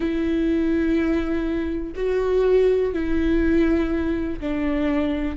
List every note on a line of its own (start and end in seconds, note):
0.00 1.93 E4
1.95 2.93 F#4
2.93 4.39 E4
4.40 5.36 D4